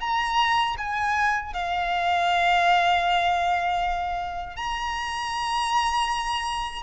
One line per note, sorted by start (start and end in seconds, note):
0.00 0.76 A#5
0.78 1.53 G#5
1.53 4.56 F5
4.56 6.83 A#5